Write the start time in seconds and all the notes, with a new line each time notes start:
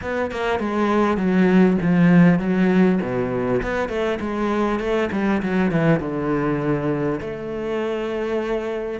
0.01 B3
0.31 A#3
0.59 G#3
1.17 F#3
1.81 F3
2.39 F#3
3.01 B2
3.62 B3
3.88 A3
4.20 G#3
4.79 A3
5.12 G3
5.42 F#3
5.71 E3
5.99 D3
7.20 A3